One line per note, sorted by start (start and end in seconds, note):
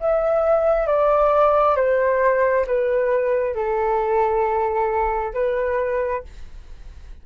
0.00 0.87 E5
0.87 1.76 D5
1.76 2.65 C5
2.67 3.55 B4
3.55 5.34 A4
5.34 6.23 B4